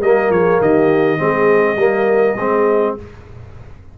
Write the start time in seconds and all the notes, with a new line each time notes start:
0.00 G3 A#3 A#4 D#5
0.30 F3 G#4 C#5
0.60 D#3 G4 D#5
1.18 G#3 C4 G#4
1.76 G3 A#3 A#4
2.34 G#3 C4 G#4